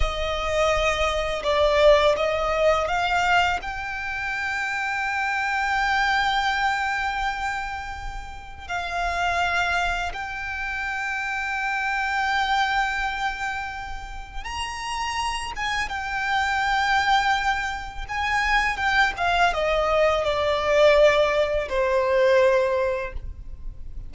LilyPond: \new Staff \with { instrumentName = "violin" } { \time 4/4 \tempo 4 = 83 dis''2 d''4 dis''4 | f''4 g''2.~ | g''1 | f''2 g''2~ |
g''1 | ais''4. gis''8 g''2~ | g''4 gis''4 g''8 f''8 dis''4 | d''2 c''2 | }